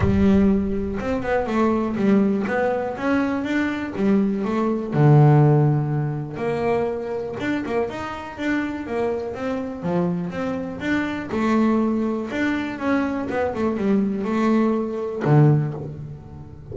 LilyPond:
\new Staff \with { instrumentName = "double bass" } { \time 4/4 \tempo 4 = 122 g2 c'8 b8 a4 | g4 b4 cis'4 d'4 | g4 a4 d2~ | d4 ais2 d'8 ais8 |
dis'4 d'4 ais4 c'4 | f4 c'4 d'4 a4~ | a4 d'4 cis'4 b8 a8 | g4 a2 d4 | }